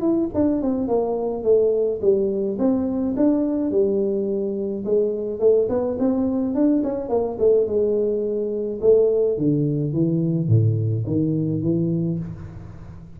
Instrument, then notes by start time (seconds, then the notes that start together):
tuba
0.00 E4
0.34 D4
0.61 C4
0.87 A#3
1.43 A3
2.01 G3
2.58 C4
3.16 D4
3.70 G3
4.84 G#3
5.40 A3
5.69 B3
5.98 C4
6.54 D4
6.83 C#4
7.09 A#3
7.38 A3
7.66 G#3
8.81 A3
9.37 D3
9.92 E3
10.47 A2
11.06 D#3
11.62 E3